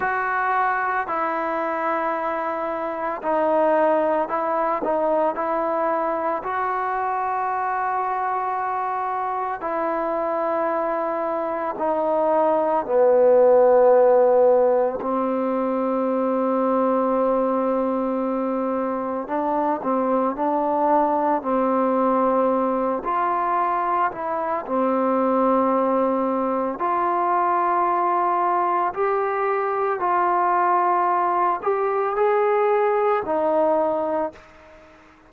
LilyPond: \new Staff \with { instrumentName = "trombone" } { \time 4/4 \tempo 4 = 56 fis'4 e'2 dis'4 | e'8 dis'8 e'4 fis'2~ | fis'4 e'2 dis'4 | b2 c'2~ |
c'2 d'8 c'8 d'4 | c'4. f'4 e'8 c'4~ | c'4 f'2 g'4 | f'4. g'8 gis'4 dis'4 | }